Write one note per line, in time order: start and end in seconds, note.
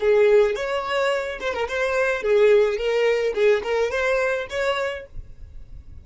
0.00 0.55 G#4
0.55 1.39 C#5
1.40 1.53 C5
1.53 1.67 A#4
1.68 2.22 C5
2.22 2.77 G#4
2.77 3.33 A#4
3.34 3.62 G#4
3.63 3.91 A#4
3.91 4.47 C5
4.49 5.05 C#5